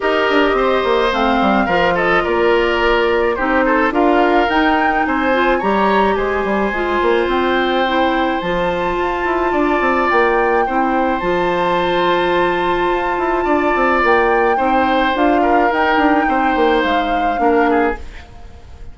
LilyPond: <<
  \new Staff \with { instrumentName = "flute" } { \time 4/4 \tempo 4 = 107 dis''2 f''4. dis''8 | d''2 c''4 f''4 | g''4 gis''4 ais''4 gis''4~ | gis''4 g''2 a''4~ |
a''2 g''2 | a''1~ | a''4 g''2 f''4 | g''2 f''2 | }
  \new Staff \with { instrumentName = "oboe" } { \time 4/4 ais'4 c''2 ais'8 a'8 | ais'2 g'8 a'8 ais'4~ | ais'4 c''4 cis''4 c''4~ | c''1~ |
c''4 d''2 c''4~ | c''1 | d''2 c''4. ais'8~ | ais'4 c''2 ais'8 gis'8 | }
  \new Staff \with { instrumentName = "clarinet" } { \time 4/4 g'2 c'4 f'4~ | f'2 dis'4 f'4 | dis'4. f'8 g'2 | f'2 e'4 f'4~ |
f'2. e'4 | f'1~ | f'2 dis'4 f'4 | dis'2. d'4 | }
  \new Staff \with { instrumentName = "bassoon" } { \time 4/4 dis'8 d'8 c'8 ais8 a8 g8 f4 | ais2 c'4 d'4 | dis'4 c'4 g4 gis8 g8 | gis8 ais8 c'2 f4 |
f'8 e'8 d'8 c'8 ais4 c'4 | f2. f'8 e'8 | d'8 c'8 ais4 c'4 d'4 | dis'8 d'8 c'8 ais8 gis4 ais4 | }
>>